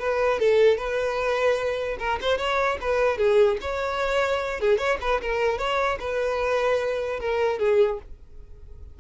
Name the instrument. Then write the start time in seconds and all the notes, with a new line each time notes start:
violin
0.00 B4
0.40 A4
0.78 B4
2.00 A#4
2.22 C5
2.38 C#5
2.82 B4
3.18 G#4
3.61 C#5
4.61 G#4
4.78 C#5
5.01 B4
5.22 A#4
5.59 C#5
6.00 B4
7.20 A#4
7.60 G#4